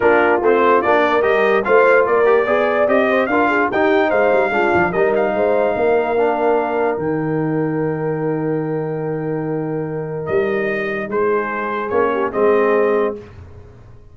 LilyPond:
<<
  \new Staff \with { instrumentName = "trumpet" } { \time 4/4 \tempo 4 = 146 ais'4 c''4 d''4 dis''4 | f''4 d''2 dis''4 | f''4 g''4 f''2 | dis''8 f''2.~ f''8~ |
f''4 g''2.~ | g''1~ | g''4 dis''2 c''4~ | c''4 cis''4 dis''2 | }
  \new Staff \with { instrumentName = "horn" } { \time 4/4 f'2~ f'8 ais'4. | c''4 ais'4 d''4. c''8 | ais'8 gis'8 g'4 c''4 f'4 | ais'4 c''4 ais'2~ |
ais'1~ | ais'1~ | ais'2. gis'4~ | gis'4. g'8 gis'2 | }
  \new Staff \with { instrumentName = "trombone" } { \time 4/4 d'4 c'4 d'4 g'4 | f'4. g'8 gis'4 g'4 | f'4 dis'2 d'4 | dis'2. d'4~ |
d'4 dis'2.~ | dis'1~ | dis'1~ | dis'4 cis'4 c'2 | }
  \new Staff \with { instrumentName = "tuba" } { \time 4/4 ais4 a4 ais4 g4 | a4 ais4 b4 c'4 | d'4 dis'4 gis8 g8 gis8 f8 | g4 gis4 ais2~ |
ais4 dis2.~ | dis1~ | dis4 g2 gis4~ | gis4 ais4 gis2 | }
>>